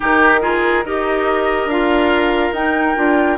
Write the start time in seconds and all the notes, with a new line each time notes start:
0.00 D#3 D#4 G4 A#4
0.41 F4 G#4
0.85 D#4 G4 A#4 D#5
1.65 D4 F4 F5
2.52 D#4 G5
2.96 D4 F4